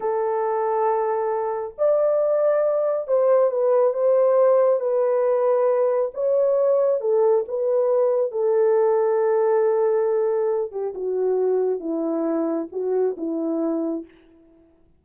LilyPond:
\new Staff \with { instrumentName = "horn" } { \time 4/4 \tempo 4 = 137 a'1 | d''2. c''4 | b'4 c''2 b'4~ | b'2 cis''2 |
a'4 b'2 a'4~ | a'1~ | a'8 g'8 fis'2 e'4~ | e'4 fis'4 e'2 | }